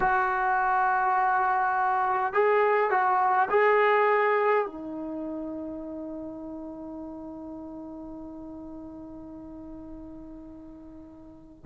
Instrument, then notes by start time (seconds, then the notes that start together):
trombone
0.00 F#4
2.33 G#4
2.90 F#4
3.50 G#4
4.65 D#4